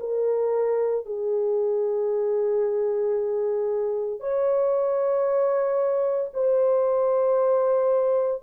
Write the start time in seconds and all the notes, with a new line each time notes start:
0.00 A#4
1.05 G#4
4.20 C#5
6.33 C5